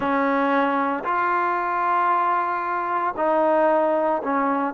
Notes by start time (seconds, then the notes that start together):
0.00 C#4
1.03 F4
3.16 D#4
4.23 C#4